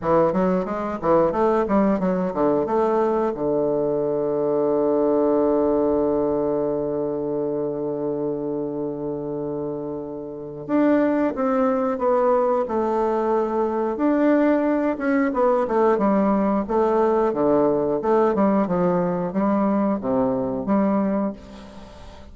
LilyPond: \new Staff \with { instrumentName = "bassoon" } { \time 4/4 \tempo 4 = 90 e8 fis8 gis8 e8 a8 g8 fis8 d8 | a4 d2.~ | d1~ | d1 |
d'4 c'4 b4 a4~ | a4 d'4. cis'8 b8 a8 | g4 a4 d4 a8 g8 | f4 g4 c4 g4 | }